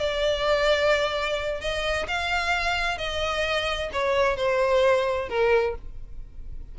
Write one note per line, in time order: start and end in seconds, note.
0.00 1.61 D5
1.61 2.07 D#5
2.08 2.98 F5
2.98 3.91 D#5
3.93 4.37 C#5
4.37 5.29 C5
5.29 5.75 A#4